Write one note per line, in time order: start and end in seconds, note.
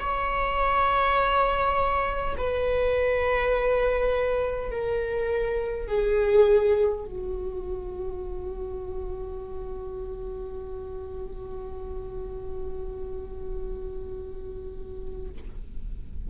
0.00 2.35 C#5
2.37 4.71 B4
4.71 5.87 A#4
5.87 7.05 G#4
7.05 15.29 F#4